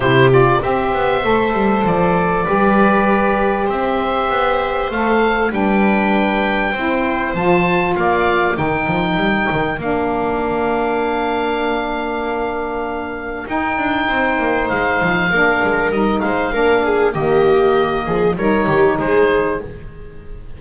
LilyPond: <<
  \new Staff \with { instrumentName = "oboe" } { \time 4/4 \tempo 4 = 98 c''8 d''8 e''2 d''4~ | d''2 e''2 | f''4 g''2. | a''4 f''4 g''2 |
f''1~ | f''2 g''2 | f''2 dis''8 f''4. | dis''2 cis''4 c''4 | }
  \new Staff \with { instrumentName = "viola" } { \time 4/4 g'4 c''2. | b'2 c''2~ | c''4 b'2 c''4~ | c''4 d''4 ais'2~ |
ais'1~ | ais'2. c''4~ | c''4 ais'4. c''8 ais'8 gis'8 | g'4. gis'8 ais'8 g'8 gis'4 | }
  \new Staff \with { instrumentName = "saxophone" } { \time 4/4 e'8 f'8 g'4 a'2 | g'1 | a'4 d'2 e'4 | f'2 dis'2 |
d'1~ | d'2 dis'2~ | dis'4 d'4 dis'4 d'4 | ais2 dis'2 | }
  \new Staff \with { instrumentName = "double bass" } { \time 4/4 c4 c'8 b8 a8 g8 f4 | g2 c'4 b4 | a4 g2 c'4 | f4 ais4 dis8 f8 g8 dis8 |
ais1~ | ais2 dis'8 d'8 c'8 ais8 | gis8 f8 ais8 gis8 g8 gis8 ais4 | dis4. f8 g8 dis8 gis4 | }
>>